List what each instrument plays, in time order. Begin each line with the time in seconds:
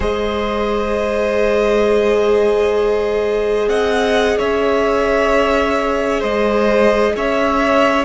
0.00 cello G#3, viola G#4, violin C5 D#5
3.68 cello C4, violin D#5 F#5
4.37 cello C#4, violin C#5 E5
6.20 cello G#3, violin C5 D#5
7.16 cello C#4, violin C#5 E5